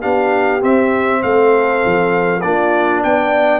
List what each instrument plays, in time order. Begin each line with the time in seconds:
0.00 tuba B3, trombone D4, horn G4, trumpet F5
0.60 trombone C4, tuba C4, trumpet E5
1.22 tuba A3, horn A4, trumpet F5
1.85 tuba F3
2.41 tuba A#3, trombone D4, horn F4, trumpet D5
3.03 tuba B3, horn D5, trumpet G5